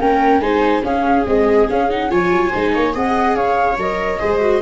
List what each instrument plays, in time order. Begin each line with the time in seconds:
0.00 tuba A#3, viola C#4 A#4, flute G5
0.39 tuba G#3, viola D#4 C5, flute G#5
0.82 viola C#4 G#4, tuba C#4, flute F5
1.25 viola G#3, tuba C4, flute D#5
1.69 tuba C#4, viola C#4, flute F5
1.90 viola D#4, flute F#5
2.09 tuba F3, viola F4 C#5, flute G#5
2.31 tuba F#3
2.50 tuba G#3, viola D#4 C5
2.74 tuba A#3, viola C#5
2.92 tuba C4, viola G#4 D#5, flute F#5
3.35 tuba C#4, viola C#5, flute F5
3.77 tuba F#3, viola A#4, flute D#5
4.19 tuba G#3, viola G#4 C5
4.40 viola F#4